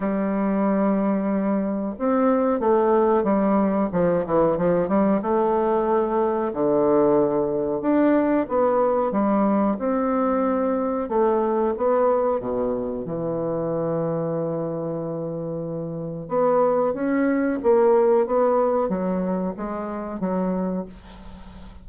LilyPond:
\new Staff \with { instrumentName = "bassoon" } { \time 4/4 \tempo 4 = 92 g2. c'4 | a4 g4 f8 e8 f8 g8 | a2 d2 | d'4 b4 g4 c'4~ |
c'4 a4 b4 b,4 | e1~ | e4 b4 cis'4 ais4 | b4 fis4 gis4 fis4 | }